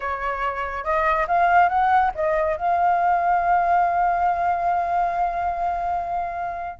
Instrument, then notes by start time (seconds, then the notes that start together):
flute
0.00 C#5
0.84 D#5
1.27 F5
1.68 F#5
2.14 D#5
2.56 F5